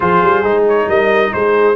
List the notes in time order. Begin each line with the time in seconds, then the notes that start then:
0.00 F3 F4 G#4 C5
0.22 G3
0.43 G#3 D#4
0.68 C#5
0.88 G3 A#4 D#5
1.33 G#3 G#4 C5